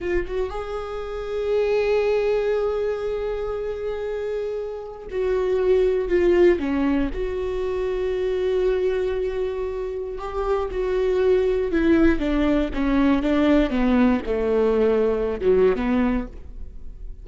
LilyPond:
\new Staff \with { instrumentName = "viola" } { \time 4/4 \tempo 4 = 118 f'8 fis'8 gis'2.~ | gis'1~ | gis'2 fis'2 | f'4 cis'4 fis'2~ |
fis'1 | g'4 fis'2 e'4 | d'4 cis'4 d'4 b4 | a2~ a16 fis8. b4 | }